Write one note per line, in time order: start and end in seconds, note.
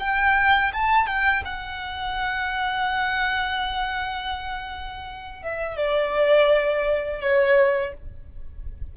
0.00 0.72 G5
0.74 1.07 A5
1.07 1.44 G5
1.46 5.43 F#5
5.43 5.77 E5
5.77 7.22 D5
7.22 7.94 C#5